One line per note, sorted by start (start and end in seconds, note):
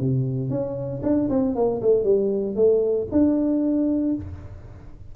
0.00 0.50 C3
0.50 1.02 C#4
1.03 1.29 D4
1.29 1.55 C4
1.55 1.81 A#3
1.82 2.04 A3
2.04 2.56 G3
2.56 3.08 A3
3.12 4.15 D4